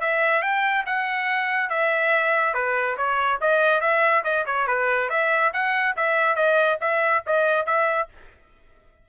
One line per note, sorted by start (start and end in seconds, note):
0.00 0.42 E5
0.42 0.85 G5
0.86 1.69 F#5
1.69 2.54 E5
2.54 2.96 B4
2.97 3.39 C#5
3.41 3.80 D#5
3.80 4.23 E5
4.24 4.45 D#5
4.46 4.67 C#5
4.67 5.09 B4
5.09 5.52 E5
5.53 5.96 F#5
5.96 6.35 E5
6.35 6.78 D#5
6.81 7.23 E5
7.26 7.66 D#5
7.66 8.08 E5